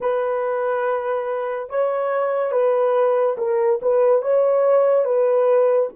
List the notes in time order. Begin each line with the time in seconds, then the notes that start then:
0.00 B4
1.69 C#5
2.51 B4
3.37 A#4
3.82 B4
4.21 C#5
5.04 B4